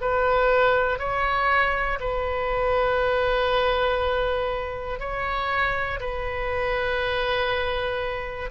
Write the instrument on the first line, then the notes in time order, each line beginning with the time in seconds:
oboe
0.00 B4
0.99 C#5
2.00 B4
5.00 C#5
6.00 B4